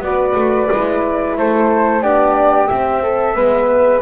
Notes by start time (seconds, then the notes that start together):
0.00 B3 F#4 B4 D5
0.35 A3
0.71 G#3 E4
1.37 A3 A4 C5
2.02 B3 D4 G4 D5
2.67 C4 E5
3.02 A4
3.35 G#3 B3 B4